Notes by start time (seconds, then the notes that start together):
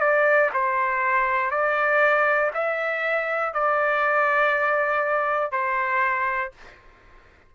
0.00 D5
0.54 C5
1.51 D5
2.54 E5
3.54 D5
5.51 C5